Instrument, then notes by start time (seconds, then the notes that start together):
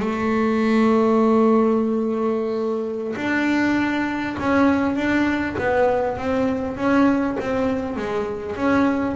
double bass
0.00 A3
3.16 D4
4.39 C#4
4.96 D4
5.59 B3
6.18 C4
6.77 C#4
7.40 C4
7.97 G#3
8.56 C#4